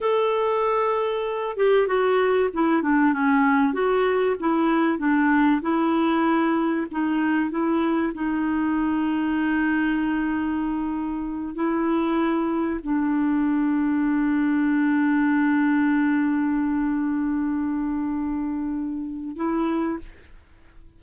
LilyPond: \new Staff \with { instrumentName = "clarinet" } { \time 4/4 \tempo 4 = 96 a'2~ a'8 g'8 fis'4 | e'8 d'8 cis'4 fis'4 e'4 | d'4 e'2 dis'4 | e'4 dis'2.~ |
dis'2~ dis'8 e'4.~ | e'8 d'2.~ d'8~ | d'1~ | d'2. e'4 | }